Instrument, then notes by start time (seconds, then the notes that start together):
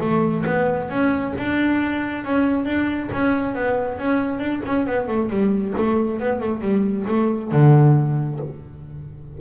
double bass
0.00 A3
0.45 B3
0.89 C#4
1.38 D4
2.24 C#4
2.65 D4
3.12 C#4
3.55 B3
3.98 C#4
4.39 D4
4.65 C#4
4.86 B3
5.07 A3
5.29 G3
5.77 A3
6.19 B3
6.40 A3
6.61 G3
7.07 A3
7.51 D3